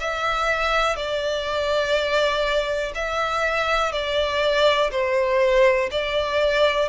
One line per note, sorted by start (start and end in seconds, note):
0.00 0.96 E5
0.96 2.92 D5
2.95 3.92 E5
3.92 4.90 D5
4.91 5.89 C5
5.91 6.89 D5